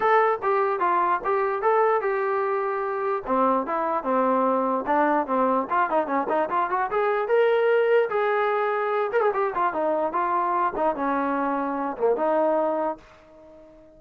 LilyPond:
\new Staff \with { instrumentName = "trombone" } { \time 4/4 \tempo 4 = 148 a'4 g'4 f'4 g'4 | a'4 g'2. | c'4 e'4 c'2 | d'4 c'4 f'8 dis'8 cis'8 dis'8 |
f'8 fis'8 gis'4 ais'2 | gis'2~ gis'8 ais'16 gis'16 g'8 f'8 | dis'4 f'4. dis'8 cis'4~ | cis'4. ais8 dis'2 | }